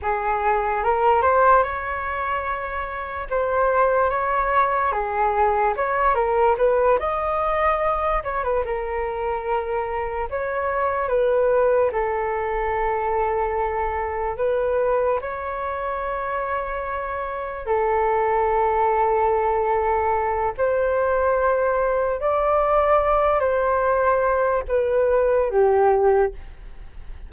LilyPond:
\new Staff \with { instrumentName = "flute" } { \time 4/4 \tempo 4 = 73 gis'4 ais'8 c''8 cis''2 | c''4 cis''4 gis'4 cis''8 ais'8 | b'8 dis''4. cis''16 b'16 ais'4.~ | ais'8 cis''4 b'4 a'4.~ |
a'4. b'4 cis''4.~ | cis''4. a'2~ a'8~ | a'4 c''2 d''4~ | d''8 c''4. b'4 g'4 | }